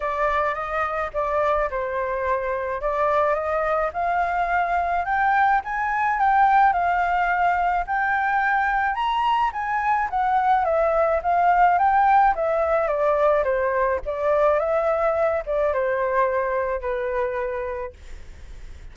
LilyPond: \new Staff \with { instrumentName = "flute" } { \time 4/4 \tempo 4 = 107 d''4 dis''4 d''4 c''4~ | c''4 d''4 dis''4 f''4~ | f''4 g''4 gis''4 g''4 | f''2 g''2 |
ais''4 gis''4 fis''4 e''4 | f''4 g''4 e''4 d''4 | c''4 d''4 e''4. d''8 | c''2 b'2 | }